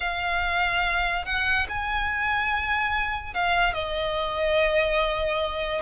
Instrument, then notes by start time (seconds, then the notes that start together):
violin
0.00 F5
1.25 F#5
1.69 G#5
3.34 F5
3.73 D#5